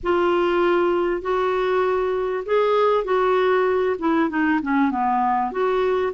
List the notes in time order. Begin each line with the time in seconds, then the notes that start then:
0.03 F4
1.21 F#4
2.45 G#4
3.04 F#4
3.99 E4
4.29 D#4
4.62 C#4
4.91 B3
5.51 F#4